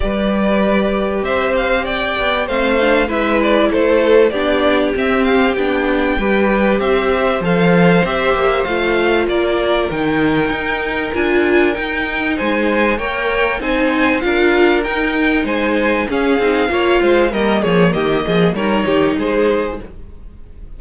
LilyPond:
<<
  \new Staff \with { instrumentName = "violin" } { \time 4/4 \tempo 4 = 97 d''2 e''8 f''8 g''4 | f''4 e''8 d''8 c''4 d''4 | e''8 f''8 g''2 e''4 | f''4 e''4 f''4 d''4 |
g''2 gis''4 g''4 | gis''4 g''4 gis''4 f''4 | g''4 gis''4 f''2 | dis''8 cis''8 dis''4 cis''4 c''4 | }
  \new Staff \with { instrumentName = "violin" } { \time 4/4 b'2 c''4 d''4 | c''4 b'4 a'4 g'4~ | g'2 b'4 c''4~ | c''2. ais'4~ |
ais'1 | c''4 cis''4 c''4 ais'4~ | ais'4 c''4 gis'4 cis''8 c''8 | ais'8 gis'8 g'8 gis'8 ais'8 g'8 gis'4 | }
  \new Staff \with { instrumentName = "viola" } { \time 4/4 g'1 | c'8 d'8 e'2 d'4 | c'4 d'4 g'2 | a'4 g'4 f'2 |
dis'2 f'4 dis'4~ | dis'4 ais'4 dis'4 f'4 | dis'2 cis'8 dis'8 f'4 | ais2 dis'2 | }
  \new Staff \with { instrumentName = "cello" } { \time 4/4 g2 c'4. b8 | a4 gis4 a4 b4 | c'4 b4 g4 c'4 | f4 c'8 ais8 a4 ais4 |
dis4 dis'4 d'4 dis'4 | gis4 ais4 c'4 d'4 | dis'4 gis4 cis'8 c'8 ais8 gis8 | g8 f8 dis8 f8 g8 dis8 gis4 | }
>>